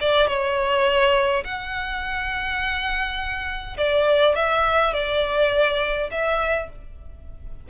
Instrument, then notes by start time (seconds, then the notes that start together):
violin
0.00 D5
0.27 C#5
1.44 F#5
3.77 D5
4.35 E5
4.93 D5
6.11 E5